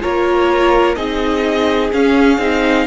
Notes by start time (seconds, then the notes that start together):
0.00 A#3 F4 A#4 C#5
0.95 C4 D#4 G#4 D#5
1.93 C#4 F5
2.37 C4 D#4